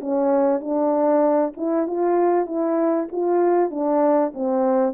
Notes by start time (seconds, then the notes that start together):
0.00 C#4
0.60 D4
1.57 E4
1.87 F4
2.46 E4
3.12 F4
3.70 D4
4.34 C4